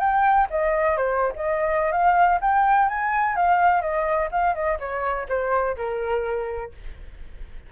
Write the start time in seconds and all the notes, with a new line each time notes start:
0.00 G5
0.50 D#5
0.97 C5
1.36 D#5
1.92 F5
2.41 G5
2.89 G#5
3.36 F5
3.82 D#5
4.31 F5
4.55 D#5
4.79 C#5
5.29 C5
5.77 A#4